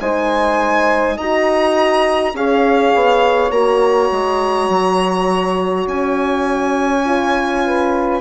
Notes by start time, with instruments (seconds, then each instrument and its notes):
0.00 bassoon G#3, horn D#4, saxophone C5, violin G#5
1.15 bassoon D#4, horn F#4, saxophone D#5, violin A#5
2.34 bassoon C#4, horn G#4, saxophone C#5, violin F5
2.94 bassoon B3
3.50 bassoon A#3, horn F#4, violin A#5
4.11 bassoon G#3
4.68 bassoon F#3
5.86 bassoon C#4, violin G#5
7.04 horn F4
7.65 saxophone B4